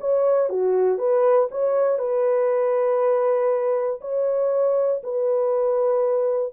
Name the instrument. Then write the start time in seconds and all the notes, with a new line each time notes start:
horn
0.00 C#5
0.49 F#4
0.98 B4
1.51 C#5
1.98 B4
4.01 C#5
5.03 B4